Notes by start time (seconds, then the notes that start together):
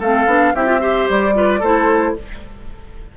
0.00 A3 C4 A4 F5
0.26 B3 D4
0.55 C4 E4 G4 E5
0.66 F4
0.80 G4 C5
1.09 G3 D5
1.34 F4 B4
1.60 A3 E4 A4 C5